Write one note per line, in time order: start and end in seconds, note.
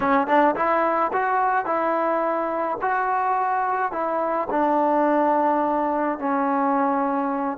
0.00 0.27 C#4
0.27 0.55 D4
0.55 1.11 E4
1.12 1.65 F#4
1.65 2.77 E4
2.81 3.92 F#4
3.92 4.48 E4
4.50 6.18 D4
6.19 7.57 C#4